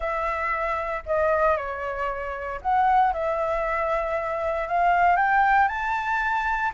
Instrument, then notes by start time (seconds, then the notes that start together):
flute
0.00 E5
1.06 D#5
1.56 C#5
2.61 F#5
3.13 E5
4.67 F5
5.16 G5
5.68 A5